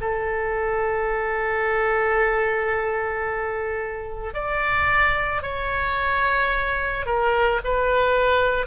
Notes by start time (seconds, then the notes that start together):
0.00 A4
4.33 D5
5.42 C#5
7.06 A#4
7.64 B4